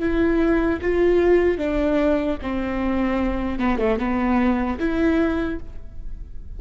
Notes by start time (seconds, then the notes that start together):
0.00 E4
0.81 F4
1.58 D4
2.42 C4
3.59 B3
3.79 A3
3.99 B3
4.80 E4